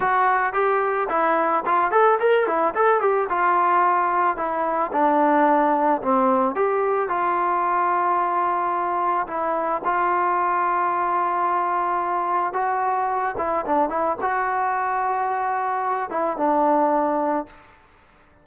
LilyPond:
\new Staff \with { instrumentName = "trombone" } { \time 4/4 \tempo 4 = 110 fis'4 g'4 e'4 f'8 a'8 | ais'8 e'8 a'8 g'8 f'2 | e'4 d'2 c'4 | g'4 f'2.~ |
f'4 e'4 f'2~ | f'2. fis'4~ | fis'8 e'8 d'8 e'8 fis'2~ | fis'4. e'8 d'2 | }